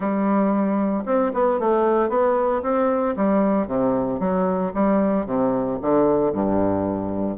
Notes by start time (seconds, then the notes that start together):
0.00 G3
1.05 C4
1.33 B3
1.59 A3
2.09 B3
2.62 C4
3.16 G3
3.67 C3
4.19 F#3
4.74 G3
5.26 C3
5.81 D3
6.32 G2